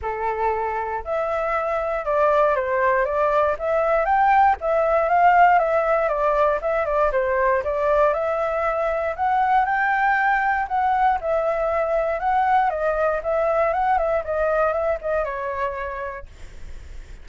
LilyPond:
\new Staff \with { instrumentName = "flute" } { \time 4/4 \tempo 4 = 118 a'2 e''2 | d''4 c''4 d''4 e''4 | g''4 e''4 f''4 e''4 | d''4 e''8 d''8 c''4 d''4 |
e''2 fis''4 g''4~ | g''4 fis''4 e''2 | fis''4 dis''4 e''4 fis''8 e''8 | dis''4 e''8 dis''8 cis''2 | }